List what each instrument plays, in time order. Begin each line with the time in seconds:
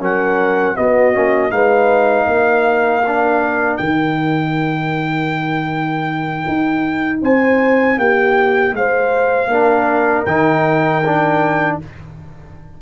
0.00 tuba F#3, trombone C#4, horn A#4, trumpet F#5
0.75 trombone B3, tuba B3, horn F#4, trumpet D#5
1.13 tuba A#3, trombone C#4
1.51 tuba G#3, trombone D#4, horn B4, trumpet F5
2.27 tuba A#3, horn A#4
3.07 trombone D4
3.77 tuba D#3, trombone D#4, trumpet G5
6.48 tuba D#4
7.22 tuba C4, horn C5, trumpet G#5
7.98 tuba A#3, horn G4, trumpet G5
8.73 tuba G#3, horn C5, trumpet F5
9.47 tuba A#3, trombone D4, horn A#4
10.26 tuba D#3, trombone D#4, trumpet G5
11.06 trombone D4